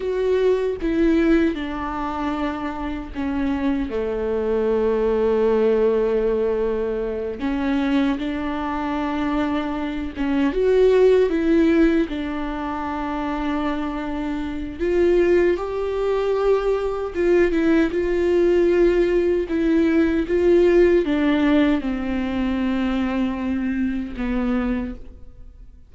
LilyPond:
\new Staff \with { instrumentName = "viola" } { \time 4/4 \tempo 4 = 77 fis'4 e'4 d'2 | cis'4 a2.~ | a4. cis'4 d'4.~ | d'4 cis'8 fis'4 e'4 d'8~ |
d'2. f'4 | g'2 f'8 e'8 f'4~ | f'4 e'4 f'4 d'4 | c'2. b4 | }